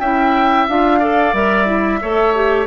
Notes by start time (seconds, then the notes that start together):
0.00 C#4 E4 E5 G5
0.69 D4 F4 F5
0.99 A4 D5
1.34 G3 A#4 E5
1.66 E4
2.02 A3 A4 C#5
2.35 G4